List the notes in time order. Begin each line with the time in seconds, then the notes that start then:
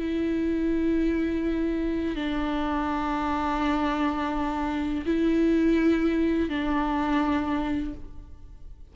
0.00 E4
2.16 D4
5.06 E4
6.50 D4